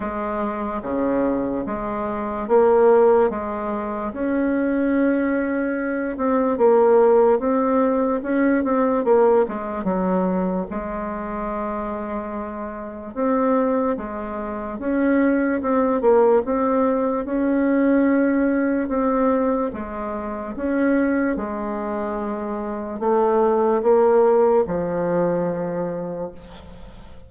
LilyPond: \new Staff \with { instrumentName = "bassoon" } { \time 4/4 \tempo 4 = 73 gis4 cis4 gis4 ais4 | gis4 cis'2~ cis'8 c'8 | ais4 c'4 cis'8 c'8 ais8 gis8 | fis4 gis2. |
c'4 gis4 cis'4 c'8 ais8 | c'4 cis'2 c'4 | gis4 cis'4 gis2 | a4 ais4 f2 | }